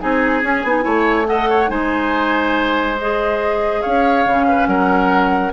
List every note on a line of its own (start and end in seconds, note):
0.00 0.43 C4
0.00 0.43 D#4
0.00 0.85 G#4
0.00 1.27 G#5
0.43 0.64 C#4
0.43 0.65 C#4
0.64 0.85 B3
0.64 0.81 D#4
0.81 1.70 A3
0.81 1.24 E4
0.81 1.27 C#5
1.26 1.68 A4
1.26 1.50 D#5
1.26 1.70 F#5
1.50 1.70 C#5
1.68 3.83 G#3
1.68 2.95 D#4
1.68 3.82 C5
1.68 2.97 G#5
2.98 4.27 G#4
2.98 3.82 D#5
3.82 4.26 C#4
3.82 4.46 C#5
3.82 4.67 F5
4.26 4.67 C#3
4.26 5.53 C#4
4.48 4.68 B4
4.67 5.52 F#3
4.67 5.53 A#4
4.67 5.52 F#5